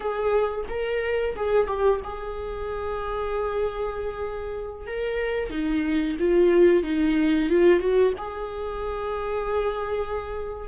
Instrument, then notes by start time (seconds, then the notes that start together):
viola
0.00 G#4
0.68 A#4
1.35 G#4
1.67 G4
2.04 G#4
4.86 A#4
5.50 D#4
6.19 F4
6.83 D#4
7.49 F4
7.80 F#4
8.18 G#4